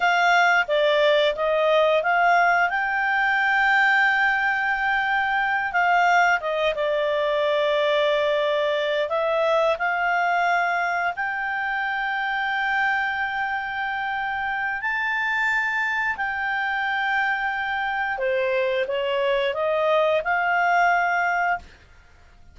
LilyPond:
\new Staff \with { instrumentName = "clarinet" } { \time 4/4 \tempo 4 = 89 f''4 d''4 dis''4 f''4 | g''1~ | g''8 f''4 dis''8 d''2~ | d''4. e''4 f''4.~ |
f''8 g''2.~ g''8~ | g''2 a''2 | g''2. c''4 | cis''4 dis''4 f''2 | }